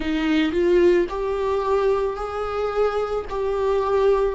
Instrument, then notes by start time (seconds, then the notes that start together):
viola
0.00 D#4
0.52 F4
1.09 G4
2.16 G#4
3.29 G4